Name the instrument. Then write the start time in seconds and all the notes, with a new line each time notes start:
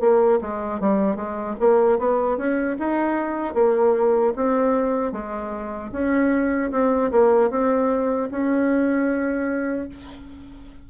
bassoon
0.00 A#3
0.41 G#3
0.80 G3
1.16 G#3
1.60 A#3
1.98 B3
2.37 C#4
2.79 D#4
3.54 A#3
4.36 C4
5.12 G#3
5.92 C#4
6.71 C4
7.11 A#3
7.50 C4
8.31 C#4